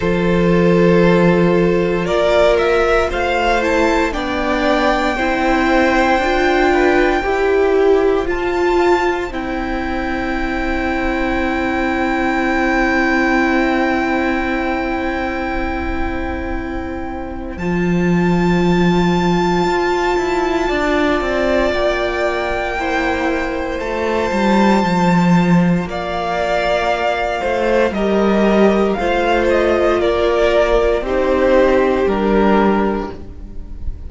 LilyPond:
<<
  \new Staff \with { instrumentName = "violin" } { \time 4/4 \tempo 4 = 58 c''2 d''8 e''8 f''8 a''8 | g''1 | a''4 g''2.~ | g''1~ |
g''4 a''2.~ | a''4 g''2 a''4~ | a''4 f''2 dis''4 | f''8 dis''8 d''4 c''4 ais'4 | }
  \new Staff \with { instrumentName = "violin" } { \time 4/4 a'2 ais'4 c''4 | d''4 c''4. b'8 c''4~ | c''1~ | c''1~ |
c''1 | d''2 c''2~ | c''4 d''4. c''8 ais'4 | c''4 ais'4 g'2 | }
  \new Staff \with { instrumentName = "viola" } { \time 4/4 f'2.~ f'8 e'8 | d'4 e'4 f'4 g'4 | f'4 e'2.~ | e'1~ |
e'4 f'2.~ | f'2 e'4 f'4~ | f'2. g'4 | f'2 dis'4 d'4 | }
  \new Staff \with { instrumentName = "cello" } { \time 4/4 f2 ais4 a4 | b4 c'4 d'4 e'4 | f'4 c'2.~ | c'1~ |
c'4 f2 f'8 e'8 | d'8 c'8 ais2 a8 g8 | f4 ais4. a8 g4 | a4 ais4 c'4 g4 | }
>>